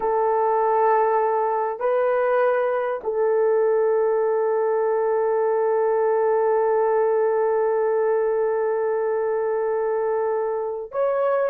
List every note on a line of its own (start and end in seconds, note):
0.00 1.79 A4
1.79 3.00 B4
3.03 10.91 A4
10.91 11.50 C#5